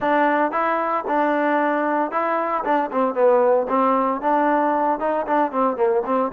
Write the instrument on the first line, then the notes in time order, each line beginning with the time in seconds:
trombone
0.00 D4
0.51 E4
1.07 D4
2.11 E4
2.64 D4
2.91 C4
3.14 B3
3.68 C4
4.21 D4
4.99 D#4
5.26 D4
5.51 C4
5.76 A#3
6.05 C4